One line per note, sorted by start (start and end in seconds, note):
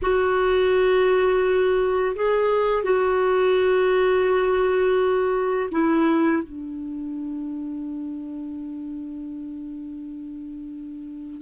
0.02 2.15 F#4
2.15 2.83 G#4
2.83 5.69 F#4
5.71 6.43 E4
6.43 11.41 D4